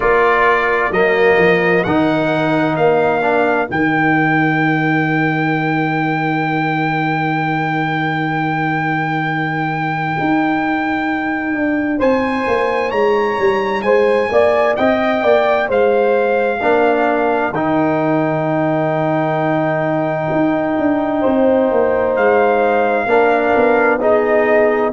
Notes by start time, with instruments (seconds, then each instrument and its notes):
0.00 tuba A#3, trombone F4, horn A#4, trumpet D5
0.90 tuba F#3, trombone A#3, trumpet D#5
1.37 tuba F3
1.83 tuba D#3, trombone D#4, trumpet F#5
2.76 tuba A#3, trumpet F5
3.21 trombone D4
3.67 tuba D#3, trombone D#4, trumpet G5
10.19 tuba D#4
11.53 tuba D4
11.98 tuba C4, horn C5, trumpet G#5
12.47 tuba A#3
12.89 tuba G#3, horn C#5, trumpet A#5
13.38 tuba G3
13.82 tuba G#3, horn C5, trumpet G#5
14.31 tuba A#3, horn D5
14.76 tuba C4, horn D#5, trumpet G5
15.23 tuba A#3, horn D5
15.68 tuba G#3, horn C5, trumpet F5
16.60 tuba A#3, trombone D4, horn A#4
17.51 tuba D#3, trombone D#4, trumpet G5
20.31 tuba D#4
20.78 tuba D4
21.20 tuba C4, horn C5
21.71 tuba A#3
22.16 tuba G#3, trumpet F5
23.06 tuba A#3, trombone D4, horn A#4
23.56 tuba B3
24.00 trombone D#4, horn G#4, trumpet D#5